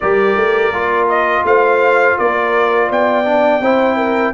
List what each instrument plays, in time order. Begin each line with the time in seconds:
0.00 tuba G3, trombone G4, horn A#4, trumpet D5
0.36 tuba A3
0.71 tuba A#3, trombone F4
1.08 trumpet D#5
1.44 tuba A3, horn C5, trumpet F5
2.18 tuba A#3, horn A#4, trumpet D5
2.89 tuba B3, horn D5, trumpet G5
3.24 trombone D4
3.60 tuba C4, trombone E4, horn C5
3.96 horn A#4